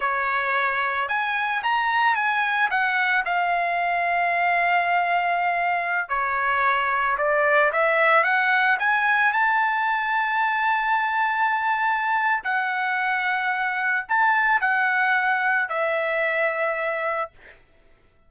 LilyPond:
\new Staff \with { instrumentName = "trumpet" } { \time 4/4 \tempo 4 = 111 cis''2 gis''4 ais''4 | gis''4 fis''4 f''2~ | f''2.~ f''16 cis''8.~ | cis''4~ cis''16 d''4 e''4 fis''8.~ |
fis''16 gis''4 a''2~ a''8.~ | a''2. fis''4~ | fis''2 a''4 fis''4~ | fis''4 e''2. | }